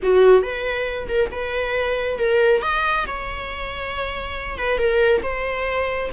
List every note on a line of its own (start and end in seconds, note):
0.02 0.42 F#4
0.42 1.07 B4
1.08 1.30 A#4
1.31 2.18 B4
2.18 2.62 A#4
2.62 3.05 D#5
3.07 4.58 C#5
4.58 4.77 B4
4.77 5.21 A#4
5.23 6.09 C5